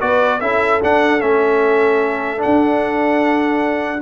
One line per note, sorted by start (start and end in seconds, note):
0.00 0.41 B3
0.00 0.40 F#4
0.00 0.41 B4
0.00 0.40 D5
0.40 0.81 C#4
0.40 0.81 E4
0.40 4.02 A4
0.40 0.80 E5
0.82 1.21 D4
0.82 1.19 D4
0.82 1.20 F#5
1.19 2.42 A3
1.19 2.37 C#4
1.19 2.41 E5
2.37 3.98 D4
2.37 4.02 F#5
2.45 4.02 D4